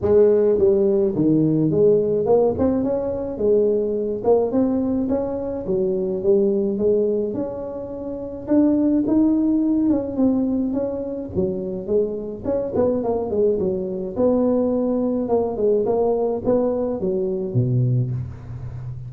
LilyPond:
\new Staff \with { instrumentName = "tuba" } { \time 4/4 \tempo 4 = 106 gis4 g4 dis4 gis4 | ais8 c'8 cis'4 gis4. ais8 | c'4 cis'4 fis4 g4 | gis4 cis'2 d'4 |
dis'4. cis'8 c'4 cis'4 | fis4 gis4 cis'8 b8 ais8 gis8 | fis4 b2 ais8 gis8 | ais4 b4 fis4 b,4 | }